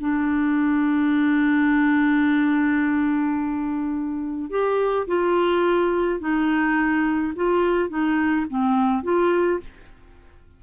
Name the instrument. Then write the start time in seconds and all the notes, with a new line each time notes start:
clarinet
0.00 D4
4.50 G4
5.07 F4
6.20 D#4
7.35 F4
7.89 D#4
8.50 C4
9.03 F4